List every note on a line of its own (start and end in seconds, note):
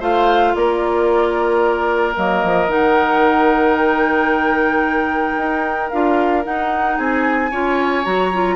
0.00 0.54 A3
0.00 2.15 F4
0.00 0.54 C5
0.00 0.55 F5
0.55 2.16 A#3
0.55 6.98 A#4
0.55 2.16 D5
2.16 2.44 F#3
2.16 2.68 A#3
2.16 2.70 D#5
2.44 2.67 F3
2.67 5.35 D#3
2.67 5.90 D#4
2.67 3.77 F#5
3.77 5.90 G5
5.37 5.91 D#4
5.90 6.45 D4
5.90 6.43 F4
5.90 6.43 F5
6.43 7.51 D#4
6.43 6.98 D#4
6.43 6.98 F#5
6.98 7.52 C4
6.98 7.51 G#4
6.98 8.05 G#5
7.51 8.06 C#4
7.51 8.05 F4
7.51 8.56 C#5
8.05 8.56 F#3
8.05 8.31 F#4
8.05 8.56 A#5
8.33 8.56 F4